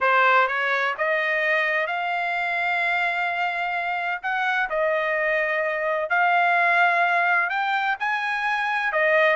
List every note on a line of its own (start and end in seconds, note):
0.00 0.47 C5
0.47 0.94 C#5
0.97 1.86 D#5
1.86 4.21 F5
4.22 4.69 F#5
4.69 6.09 D#5
6.09 7.49 F5
7.49 7.96 G5
7.99 8.92 G#5
8.92 9.36 D#5